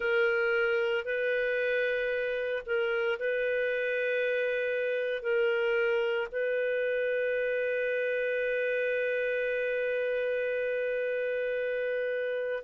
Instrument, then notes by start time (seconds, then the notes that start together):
clarinet
0.00 A#4
1.04 B4
2.66 A#4
3.19 B4
5.22 A#4
6.31 B4